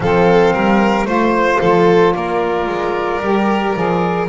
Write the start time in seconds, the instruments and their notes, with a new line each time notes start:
0.00 double bass F3, saxophone C4, violin A4, flute F5
0.53 double bass G3, violin A#4
1.04 double bass A3, saxophone F4, flute C5, violin C5
1.60 double bass F3, violin A4
2.12 double bass A#3, violin A#4, flute D5
2.66 double bass G#3
3.21 double bass G3, saxophone G4
3.75 double bass F3, saxophone G#4